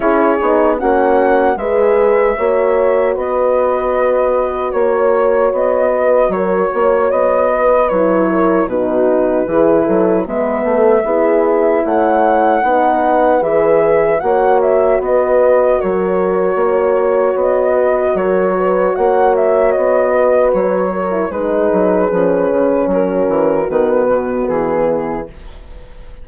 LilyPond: <<
  \new Staff \with { instrumentName = "flute" } { \time 4/4 \tempo 4 = 76 cis''4 fis''4 e''2 | dis''2 cis''4 dis''4 | cis''4 dis''4 cis''4 b'4~ | b'4 e''2 fis''4~ |
fis''4 e''4 fis''8 e''8 dis''4 | cis''2 dis''4 cis''4 | fis''8 e''8 dis''4 cis''4 b'4~ | b'4 ais'4 b'4 gis'4 | }
  \new Staff \with { instrumentName = "horn" } { \time 4/4 gis'4 fis'4 b'4 cis''4 | b'2 cis''4. b'8 | ais'8 cis''4 b'4 ais'8 fis'4 | gis'8 a'8 b'8 a'8 gis'4 cis''4 |
b'2 cis''4 b'4 | ais'4 cis''4. b'8 ais'8 b'8 | cis''4. b'4 ais'8 gis'4~ | gis'4 fis'2~ fis'8 e'8 | }
  \new Staff \with { instrumentName = "horn" } { \time 4/4 e'8 dis'8 cis'4 gis'4 fis'4~ | fis'1~ | fis'2 e'4 dis'4 | e'4 b4 e'2 |
dis'4 gis'4 fis'2~ | fis'1~ | fis'2~ fis'8. e'16 dis'4 | cis'2 b2 | }
  \new Staff \with { instrumentName = "bassoon" } { \time 4/4 cis'8 b8 ais4 gis4 ais4 | b2 ais4 b4 | fis8 ais8 b4 fis4 b,4 | e8 fis8 gis8 a8 b4 a4 |
b4 e4 ais4 b4 | fis4 ais4 b4 fis4 | ais4 b4 fis4 gis8 fis8 | f8 cis8 fis8 e8 dis8 b,8 e4 | }
>>